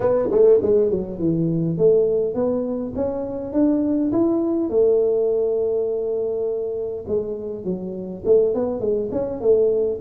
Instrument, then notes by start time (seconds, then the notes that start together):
tuba
0.00 B3
0.31 A3
0.62 G#3
0.90 F#3
1.18 E3
1.77 A3
2.34 B3
2.95 C#4
3.52 D4
4.12 E4
4.69 A3
7.07 G#3
7.64 F#3
8.25 A3
8.54 B3
8.80 G#3
9.11 C#4
9.40 A3